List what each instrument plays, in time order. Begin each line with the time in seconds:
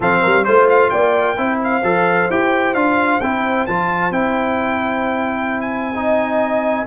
0.00 tuba F3, trombone C4, horn A4, trumpet F5
0.21 tuba G3, horn A#4
0.44 tuba A3, trombone F4, trumpet C5, horn C5
0.69 trumpet F5
0.90 tuba A#3, horn D5, trumpet G5
1.36 tuba C4, trombone E4, horn C5
1.63 trumpet F5
1.82 tuba F3, trombone A4
2.30 tuba E4, trombone G4, trumpet G5
2.74 tuba D4, trombone F4, trumpet F5
3.20 tuba C4, trombone E4, trumpet G5
3.66 tuba F3, trombone F4, trumpet A5
4.10 tuba C4, trombone E4, trumpet G5
5.60 trumpet G#5
5.94 trombone D#4, horn D#5